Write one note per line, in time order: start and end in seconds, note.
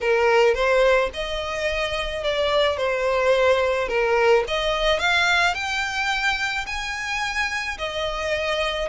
0.01 0.54 A#4
0.54 1.10 C5
1.13 2.23 D#5
2.23 2.77 D5
2.77 3.88 C5
3.88 4.44 A#4
4.47 4.99 D#5
4.99 5.54 F5
5.54 6.65 G5
6.66 7.77 G#5
7.78 8.88 D#5